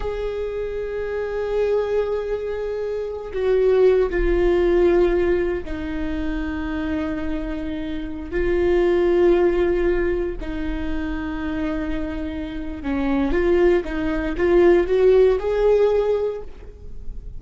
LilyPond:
\new Staff \with { instrumentName = "viola" } { \time 4/4 \tempo 4 = 117 gis'1~ | gis'2~ gis'8 fis'4. | f'2. dis'4~ | dis'1~ |
dis'16 f'2.~ f'8.~ | f'16 dis'2.~ dis'8.~ | dis'4 cis'4 f'4 dis'4 | f'4 fis'4 gis'2 | }